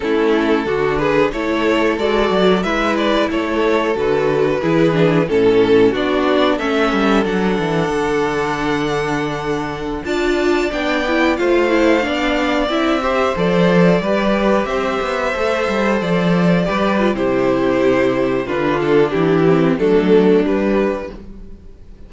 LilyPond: <<
  \new Staff \with { instrumentName = "violin" } { \time 4/4 \tempo 4 = 91 a'4. b'8 cis''4 d''4 | e''8 d''8 cis''4 b'2 | a'4 d''4 e''4 fis''4~ | fis''2.~ fis''16 a''8.~ |
a''16 g''4 f''2 e''8.~ | e''16 d''2 e''4.~ e''16~ | e''16 d''4.~ d''16 c''2 | b'8 a'8 g'4 a'4 b'4 | }
  \new Staff \with { instrumentName = "violin" } { \time 4/4 e'4 fis'8 gis'8 a'2 | b'4 a'2 gis'4 | a'4 fis'4 a'2~ | a'2.~ a'16 d''8.~ |
d''4~ d''16 c''4 d''4. c''16~ | c''4~ c''16 b'4 c''4.~ c''16~ | c''4~ c''16 b'8. g'2 | f'4 e'4 d'2 | }
  \new Staff \with { instrumentName = "viola" } { \time 4/4 cis'4 d'4 e'4 fis'4 | e'2 fis'4 e'8 d'8 | cis'4 d'4 cis'4 d'4~ | d'2.~ d'16 f'8.~ |
f'16 d'8 e'8 f'8 e'8 d'4 e'8 g'16~ | g'16 a'4 g'2 a'8.~ | a'4~ a'16 g'8 f'16 e'2 | d'4. c'8 a4 g4 | }
  \new Staff \with { instrumentName = "cello" } { \time 4/4 a4 d4 a4 gis8 fis8 | gis4 a4 d4 e4 | a,4 b4 a8 g8 fis8 e8 | d2.~ d16 d'8.~ |
d'16 b4 a4 b4 c'8.~ | c'16 f4 g4 c'8 b8 a8 g16~ | g16 f4 g8. c2 | d4 e4 fis4 g4 | }
>>